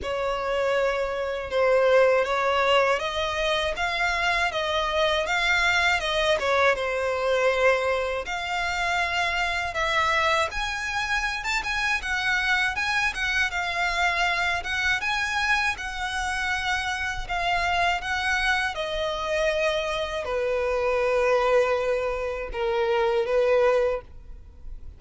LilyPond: \new Staff \with { instrumentName = "violin" } { \time 4/4 \tempo 4 = 80 cis''2 c''4 cis''4 | dis''4 f''4 dis''4 f''4 | dis''8 cis''8 c''2 f''4~ | f''4 e''4 gis''4~ gis''16 a''16 gis''8 |
fis''4 gis''8 fis''8 f''4. fis''8 | gis''4 fis''2 f''4 | fis''4 dis''2 b'4~ | b'2 ais'4 b'4 | }